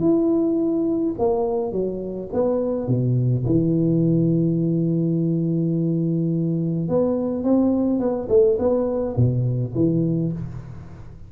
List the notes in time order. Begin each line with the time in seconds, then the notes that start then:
0.00 E4
1.18 A#3
1.72 F#3
2.33 B3
2.88 B2
3.46 E3
6.88 B3
7.44 C4
7.99 B3
8.29 A3
8.59 B3
9.16 B2
9.75 E3